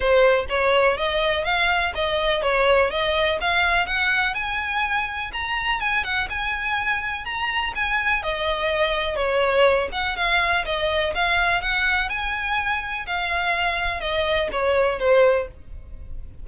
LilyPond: \new Staff \with { instrumentName = "violin" } { \time 4/4 \tempo 4 = 124 c''4 cis''4 dis''4 f''4 | dis''4 cis''4 dis''4 f''4 | fis''4 gis''2 ais''4 | gis''8 fis''8 gis''2 ais''4 |
gis''4 dis''2 cis''4~ | cis''8 fis''8 f''4 dis''4 f''4 | fis''4 gis''2 f''4~ | f''4 dis''4 cis''4 c''4 | }